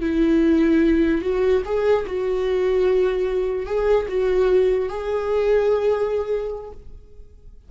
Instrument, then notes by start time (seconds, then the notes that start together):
viola
0.00 E4
1.21 F#4
1.65 G#4
2.06 F#4
3.66 G#4
4.08 F#4
4.89 G#4